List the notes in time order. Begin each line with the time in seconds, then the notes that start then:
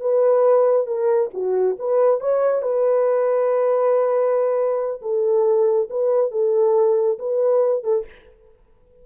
0.00 B4
0.86 A#4
1.33 F#4
1.78 B4
2.20 C#5
2.62 B4
5.01 A4
5.90 B4
6.31 A4
7.18 B4
7.83 A4